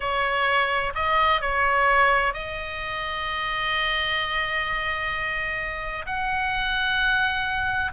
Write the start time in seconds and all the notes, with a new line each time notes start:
0.00 C#5
0.94 D#5
1.41 C#5
2.33 D#5
6.06 F#5